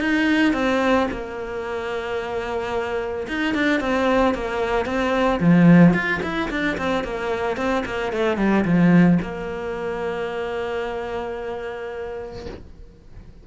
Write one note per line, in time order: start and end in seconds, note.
0.00 0.53 D#4
0.53 1.07 C4
1.11 3.27 A#3
3.28 3.54 D#4
3.54 3.80 D4
3.80 4.34 C4
4.34 4.86 A#3
4.86 5.40 C4
5.40 5.94 F3
5.94 6.21 F4
6.23 6.50 E4
6.50 6.77 D4
6.78 7.04 C4
7.04 7.57 A#3
7.57 7.84 C4
7.86 8.13 A#3
8.13 8.37 A3
8.37 8.64 G3
8.65 9.19 F3
9.22 12.46 A#3